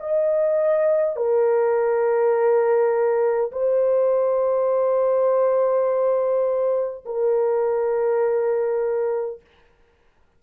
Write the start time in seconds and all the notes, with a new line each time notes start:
0.00 D#5
1.17 A#4
3.52 C5
7.06 A#4